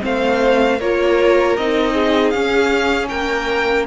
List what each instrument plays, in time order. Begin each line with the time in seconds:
0.00 cello A3, viola C4, violin C5 F5
0.80 cello A#3, viola F4, violin A#4 C#5
1.57 cello C4, viola D#4, violin D#5
1.94 violin G#4
2.30 cello C#4, viola C#4, violin F5
3.09 cello A#3, violin A#4 G5